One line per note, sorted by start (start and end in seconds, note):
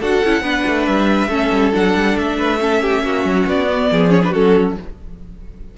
0.00 0.23 D4
0.00 0.24 F#4
0.00 0.43 A4
0.00 0.86 F#5
0.24 0.41 C#4
0.24 0.43 E4
0.41 0.63 B3
0.41 1.30 D4
0.41 1.29 B4
0.67 0.88 A3
0.86 1.29 G3
0.86 1.73 E5
1.29 1.50 A3
1.29 1.73 C#4
1.29 2.37 A4
1.52 1.73 G3
1.73 1.95 F#3
1.73 2.59 D4
1.73 2.18 F#5
1.95 2.17 G3
2.18 3.04 A3
2.18 3.48 E5
2.38 2.60 B4
2.59 3.67 C#4
2.59 2.82 A4
2.82 3.03 G4
3.04 3.25 A#3
3.04 3.90 F#4
3.25 3.47 F#3
3.47 3.90 B3
3.47 4.11 D5
3.67 4.10 B3
3.91 4.34 F3
3.91 4.31 G#4
4.10 4.20 C#4
4.10 4.22 C#5
4.23 4.34 D4
4.23 4.34 B4
4.31 4.78 F#3
4.31 4.77 C#4
4.31 4.74 F#4
4.31 4.77 A4